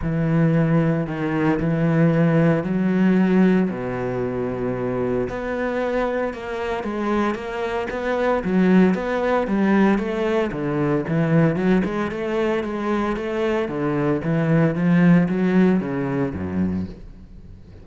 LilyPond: \new Staff \with { instrumentName = "cello" } { \time 4/4 \tempo 4 = 114 e2 dis4 e4~ | e4 fis2 b,4~ | b,2 b2 | ais4 gis4 ais4 b4 |
fis4 b4 g4 a4 | d4 e4 fis8 gis8 a4 | gis4 a4 d4 e4 | f4 fis4 cis4 fis,4 | }